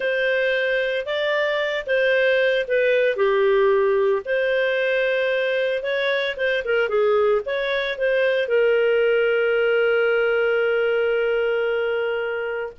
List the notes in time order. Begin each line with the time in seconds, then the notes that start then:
0.00 C5
1.05 D5
1.86 C5
2.67 B4
3.16 G4
4.25 C5
5.82 C#5
6.36 C5
6.65 A#4
6.88 G#4
7.45 C#5
7.97 C5
8.47 A#4